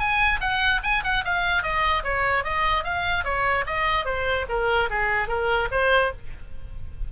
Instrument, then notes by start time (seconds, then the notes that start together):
oboe
0.00 G#5
0.41 F#5
0.83 G#5
1.04 F#5
1.25 F5
1.63 D#5
2.04 C#5
2.44 D#5
2.85 F5
3.25 C#5
3.67 D#5
4.06 C5
4.49 A#4
4.90 G#4
5.28 A#4
5.72 C5